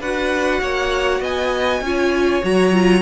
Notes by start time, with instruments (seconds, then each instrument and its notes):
0.00 cello D4, viola F#4, violin B4 F#5
0.61 cello A#3, violin C#5
1.20 cello B3, violin D#5 G#5
1.81 cello C#4, viola F4, violin C#5
2.42 cello F#3, viola F#4, violin A#5
2.72 viola F4